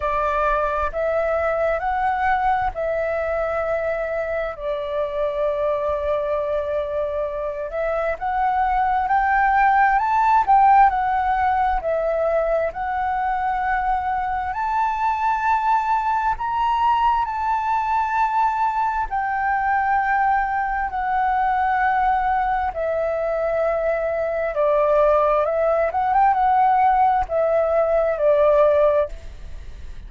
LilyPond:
\new Staff \with { instrumentName = "flute" } { \time 4/4 \tempo 4 = 66 d''4 e''4 fis''4 e''4~ | e''4 d''2.~ | d''8 e''8 fis''4 g''4 a''8 g''8 | fis''4 e''4 fis''2 |
a''2 ais''4 a''4~ | a''4 g''2 fis''4~ | fis''4 e''2 d''4 | e''8 fis''16 g''16 fis''4 e''4 d''4 | }